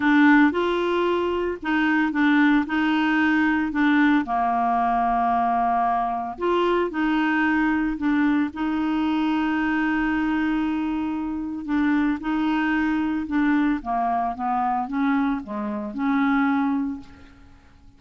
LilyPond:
\new Staff \with { instrumentName = "clarinet" } { \time 4/4 \tempo 4 = 113 d'4 f'2 dis'4 | d'4 dis'2 d'4 | ais1 | f'4 dis'2 d'4 |
dis'1~ | dis'2 d'4 dis'4~ | dis'4 d'4 ais4 b4 | cis'4 gis4 cis'2 | }